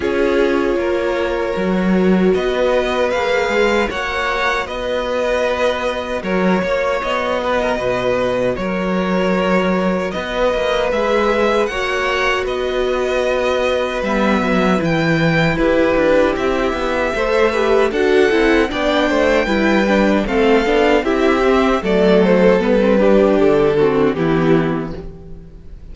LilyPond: <<
  \new Staff \with { instrumentName = "violin" } { \time 4/4 \tempo 4 = 77 cis''2. dis''4 | f''4 fis''4 dis''2 | cis''4 dis''2 cis''4~ | cis''4 dis''4 e''4 fis''4 |
dis''2 e''4 g''4 | b'4 e''2 fis''4 | g''2 f''4 e''4 | d''8 c''8 b'4 a'4 g'4 | }
  \new Staff \with { instrumentName = "violin" } { \time 4/4 gis'4 ais'2 b'4~ | b'4 cis''4 b'2 | ais'8 cis''4 b'16 ais'16 b'4 ais'4~ | ais'4 b'2 cis''4 |
b'1 | g'2 c''8 b'8 a'4 | d''8 c''8 b'4 a'4 g'4 | a'4. g'4 fis'8 e'4 | }
  \new Staff \with { instrumentName = "viola" } { \time 4/4 f'2 fis'2 | gis'4 fis'2.~ | fis'1~ | fis'2 gis'4 fis'4~ |
fis'2 b4 e'4~ | e'2 a'8 g'8 fis'8 e'8 | d'4 e'8 d'8 c'8 d'8 e'8 c'8 | a4 b16 c'16 d'4 c'8 b4 | }
  \new Staff \with { instrumentName = "cello" } { \time 4/4 cis'4 ais4 fis4 b4 | ais8 gis8 ais4 b2 | fis8 ais8 b4 b,4 fis4~ | fis4 b8 ais8 gis4 ais4 |
b2 g8 fis8 e4 | e'8 d'8 c'8 b8 a4 d'8 c'8 | b8 a8 g4 a8 b8 c'4 | fis4 g4 d4 e4 | }
>>